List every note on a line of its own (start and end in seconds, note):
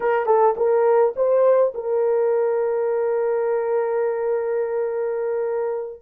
0.00 0.26 A#4
0.26 0.54 A4
0.57 1.14 A#4
1.16 1.73 C5
1.74 6.02 A#4